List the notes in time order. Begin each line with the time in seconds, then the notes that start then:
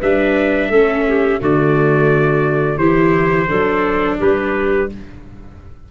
0.00 G3 D4 B4 E5
0.70 A3 C#4 A4
1.08 G4
1.40 D3 A3 F#4 D5
2.78 E3 E4 G4 C5
3.48 F#3 D4 A4
4.20 G3 G4 B4